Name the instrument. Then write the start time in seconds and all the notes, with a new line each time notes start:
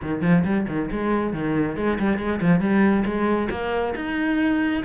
cello
0.02 D#3
0.21 F3
0.44 G3
0.68 D#3
0.91 G#3
1.33 D#3
1.76 G#3
1.99 G3
2.18 G#3
2.41 F3
2.60 G3
3.05 G#3
3.50 A#3
3.95 D#4